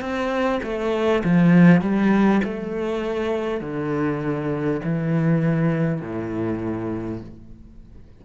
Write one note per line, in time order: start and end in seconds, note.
0.00 0.60 C4
0.63 1.23 A3
1.24 1.81 F3
1.81 2.41 G3
2.44 3.61 A3
3.61 4.81 D3
4.84 6.01 E3
6.01 7.21 A2